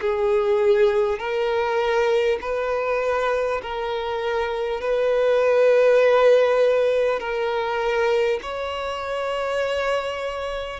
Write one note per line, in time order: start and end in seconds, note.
0.00 1.18 G#4
1.18 2.38 A#4
2.41 3.61 B4
3.62 4.80 A#4
4.80 7.19 B4
7.19 8.39 A#4
8.42 10.79 C#5